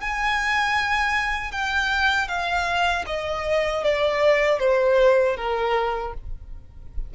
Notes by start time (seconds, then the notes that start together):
0.00 G#5
1.51 G5
2.28 F5
3.06 D#5
3.83 D5
4.59 C5
5.36 A#4